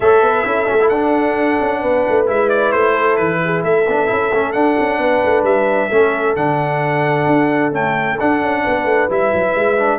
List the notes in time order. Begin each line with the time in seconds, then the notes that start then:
0.00 A3 A4 C#5 E5
0.21 B3 B4
0.44 C#4 E4 A4
0.65 C#4
0.72 A3
0.80 E4
0.88 D4 F#5
1.60 C#4
1.80 B3 B4
2.09 A3
2.26 G#3 E4 E5
2.49 D5
2.72 A3 C5
2.92 A4
3.16 E3 B4
3.44 G#4
3.63 A3 A4 E5
3.87 B3 D4
4.06 C#4 E4
4.32 A3 C#4
4.52 D4 F#5
4.79 C#4
4.98 B3 B4
5.24 A3
5.43 G3 E5
5.88 A3 C#4 A4
6.36 D3 D4 F#5
7.26 D4
7.71 A3 C#4 G5
8.19 D4 F#5
8.42 C#4
8.63 B3 B4
8.85 A3
9.09 G3 E4 E5
9.33 F#3
9.55 G#3
9.78 D4